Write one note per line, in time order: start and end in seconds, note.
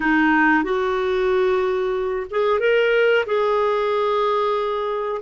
0.00 0.63 D#4
0.63 2.26 F#4
2.30 2.59 G#4
2.59 3.24 A#4
3.25 5.21 G#4